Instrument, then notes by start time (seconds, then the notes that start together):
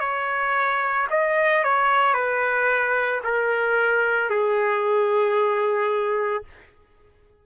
trumpet
0.00 C#5
1.10 D#5
1.64 C#5
2.13 B4
3.24 A#4
4.30 G#4